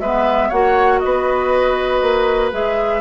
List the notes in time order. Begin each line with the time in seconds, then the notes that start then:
0.00 G#3 B3 B4 E5
0.49 A#3 F#4 C#5 F#5
0.99 B3 B4 D#5
2.02 A#3
2.52 G#3 G#4 E5